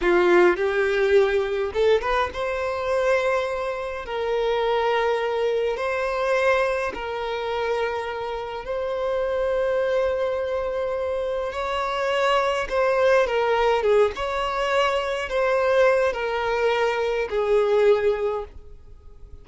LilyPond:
\new Staff \with { instrumentName = "violin" } { \time 4/4 \tempo 4 = 104 f'4 g'2 a'8 b'8 | c''2. ais'4~ | ais'2 c''2 | ais'2. c''4~ |
c''1 | cis''2 c''4 ais'4 | gis'8 cis''2 c''4. | ais'2 gis'2 | }